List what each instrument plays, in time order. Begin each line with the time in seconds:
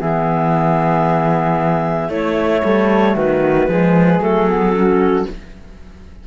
0.00 cello E3, clarinet B3 E5, flute G#4
2.09 cello A3, clarinet A3 C#5, flute E4
2.64 cello G3, flute A4
3.14 cello D#3, flute F#4, clarinet B4
3.68 cello F3, clarinet G#3, flute G#4
4.20 cello F#3, clarinet A3 A4
4.48 clarinet B3
4.73 clarinet C#4, flute F#4